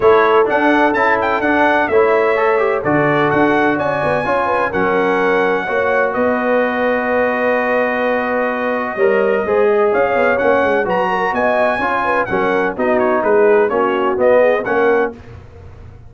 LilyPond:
<<
  \new Staff \with { instrumentName = "trumpet" } { \time 4/4 \tempo 4 = 127 cis''4 fis''4 a''8 g''8 fis''4 | e''2 d''4 fis''4 | gis''2 fis''2~ | fis''4 dis''2.~ |
dis''1~ | dis''4 f''4 fis''4 ais''4 | gis''2 fis''4 dis''8 cis''8 | b'4 cis''4 dis''4 fis''4 | }
  \new Staff \with { instrumentName = "horn" } { \time 4/4 a'1 | cis''2 a'2 | d''4 cis''8 b'8 ais'2 | cis''4 b'2.~ |
b'2. cis''4 | c''8 dis''8 cis''2 b'8 ais'8 | dis''4 cis''8 b'8 ais'4 fis'4 | gis'4 fis'4. gis'8 ais'4 | }
  \new Staff \with { instrumentName = "trombone" } { \time 4/4 e'4 d'4 e'4 d'4 | e'4 a'8 g'8 fis'2~ | fis'4 f'4 cis'2 | fis'1~ |
fis'2. ais'4 | gis'2 cis'4 fis'4~ | fis'4 f'4 cis'4 dis'4~ | dis'4 cis'4 b4 cis'4 | }
  \new Staff \with { instrumentName = "tuba" } { \time 4/4 a4 d'4 cis'4 d'4 | a2 d4 d'4 | cis'8 b8 cis'4 fis2 | ais4 b2.~ |
b2. g4 | gis4 cis'8 b8 ais8 gis8 fis4 | b4 cis'4 fis4 b4 | gis4 ais4 b4 ais4 | }
>>